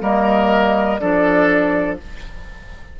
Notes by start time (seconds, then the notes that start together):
0.00 G3 A#3 A#4 D#5
0.99 F3 D4 A4 D5